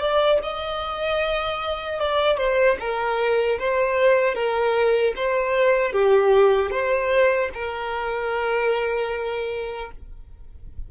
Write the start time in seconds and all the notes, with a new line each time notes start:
0.00 D5
0.43 D#5
2.00 D5
2.38 C5
2.80 A#4
3.59 C5
4.35 A#4
5.16 C5
5.93 G4
6.71 C5
7.54 A#4